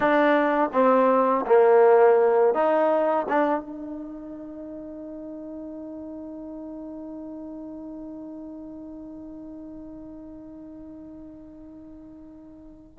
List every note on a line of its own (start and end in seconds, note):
0.00 0.70 D4
0.73 1.45 C4
1.46 2.54 A#3
2.54 3.26 D#4
3.28 3.60 D4
3.60 12.98 D#4